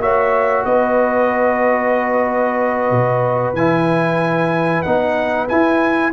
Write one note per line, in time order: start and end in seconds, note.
0.00 0.65 A#3
0.00 3.56 F#4
0.00 0.66 C#5
0.00 0.65 E5
0.65 2.91 B3
0.65 6.13 B4
0.65 3.55 D#5
2.91 3.54 B2
3.54 4.83 E3
3.54 4.85 E4
3.54 4.83 G#5
4.83 5.51 B3
4.83 5.48 D#4
4.83 5.47 F#5
5.48 6.13 E4
5.48 6.13 G#5